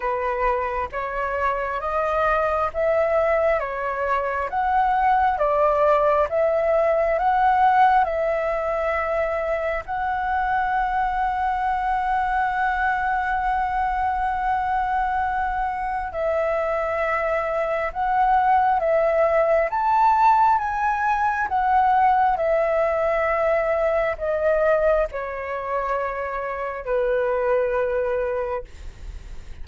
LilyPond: \new Staff \with { instrumentName = "flute" } { \time 4/4 \tempo 4 = 67 b'4 cis''4 dis''4 e''4 | cis''4 fis''4 d''4 e''4 | fis''4 e''2 fis''4~ | fis''1~ |
fis''2 e''2 | fis''4 e''4 a''4 gis''4 | fis''4 e''2 dis''4 | cis''2 b'2 | }